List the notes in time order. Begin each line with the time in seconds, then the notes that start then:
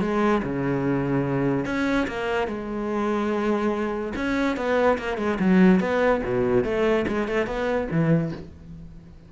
0.00 G#3
0.42 C#3
1.65 C#4
2.07 A#3
2.47 G#3
4.15 C#4
4.56 B3
4.98 A#3
5.17 G#3
5.39 F#3
5.80 B3
6.23 B2
6.64 A3
7.07 G#3
7.28 A3
7.46 B3
7.90 E3